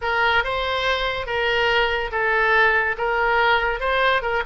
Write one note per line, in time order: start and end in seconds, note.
0.01 0.44 A#4
0.44 1.26 C5
1.26 2.10 A#4
2.11 2.96 A4
2.97 3.80 A#4
3.80 4.22 C5
4.22 4.43 A#4